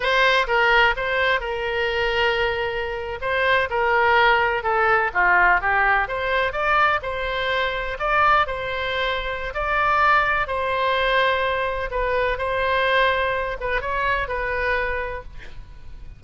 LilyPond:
\new Staff \with { instrumentName = "oboe" } { \time 4/4 \tempo 4 = 126 c''4 ais'4 c''4 ais'4~ | ais'2~ ais'8. c''4 ais'16~ | ais'4.~ ais'16 a'4 f'4 g'16~ | g'8. c''4 d''4 c''4~ c''16~ |
c''8. d''4 c''2~ c''16 | d''2 c''2~ | c''4 b'4 c''2~ | c''8 b'8 cis''4 b'2 | }